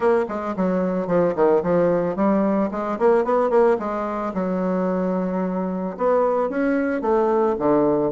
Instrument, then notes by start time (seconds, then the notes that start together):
bassoon
0.00 A#3
0.28 G#3
0.56 F#3
1.07 F3
1.35 D#3
1.62 F3
2.15 G3
2.71 G#3
2.99 A#3
3.24 B3
3.49 A#3
3.79 G#3
4.34 F#3
5.97 B3
6.49 C#4
7.01 A3
7.58 D3